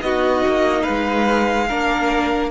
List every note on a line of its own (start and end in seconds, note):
0.00 0.43 B3
0.00 1.67 D#4
0.00 0.82 F#4
0.00 0.82 D#5
0.47 0.88 A#3
0.82 1.65 B4
0.82 2.49 F5
0.88 1.71 G#3
1.68 2.50 A#3
1.68 2.50 D4
1.68 2.50 A#4